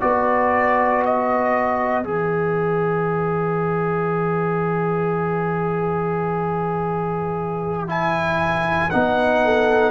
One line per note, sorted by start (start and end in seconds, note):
0.00 2.04 B3
0.00 2.03 F#4
0.00 9.41 B4
0.00 1.03 D5
1.05 2.06 D#5
2.04 8.90 E3
2.04 7.87 G#4
2.04 7.89 E5
7.87 8.89 E4
7.87 8.90 G#5
8.90 9.91 B3
8.90 9.91 D#4
8.90 9.91 F#5
9.44 9.91 A4